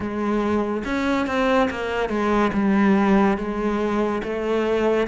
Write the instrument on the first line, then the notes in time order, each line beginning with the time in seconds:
cello
0.00 G#3
0.85 C#4
1.27 C4
1.70 A#3
2.09 G#3
2.53 G3
3.37 G#3
4.23 A3